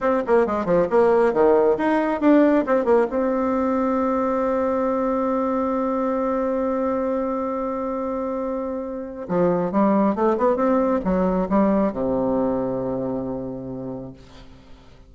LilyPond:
\new Staff \with { instrumentName = "bassoon" } { \time 4/4 \tempo 4 = 136 c'8 ais8 gis8 f8 ais4 dis4 | dis'4 d'4 c'8 ais8 c'4~ | c'1~ | c'1~ |
c'1~ | c'4 f4 g4 a8 b8 | c'4 fis4 g4 c4~ | c1 | }